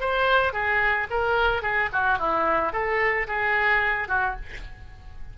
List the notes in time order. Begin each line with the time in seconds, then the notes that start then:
0.00 C5
0.53 G#4
1.10 A#4
1.62 G#4
1.92 F#4
2.18 E4
2.72 A4
3.27 G#4
4.08 F#4